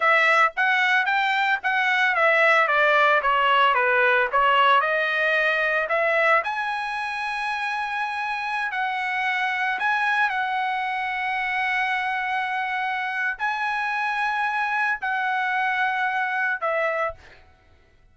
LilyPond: \new Staff \with { instrumentName = "trumpet" } { \time 4/4 \tempo 4 = 112 e''4 fis''4 g''4 fis''4 | e''4 d''4 cis''4 b'4 | cis''4 dis''2 e''4 | gis''1~ |
gis''16 fis''2 gis''4 fis''8.~ | fis''1~ | fis''4 gis''2. | fis''2. e''4 | }